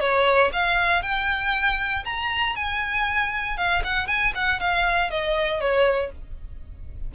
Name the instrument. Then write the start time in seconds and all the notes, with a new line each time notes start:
violin
0.00 C#5
0.53 F5
1.02 G5
2.05 A#5
2.56 G#5
3.57 F5
3.84 F#5
4.07 G#5
4.35 F#5
4.60 F5
5.11 D#5
5.61 C#5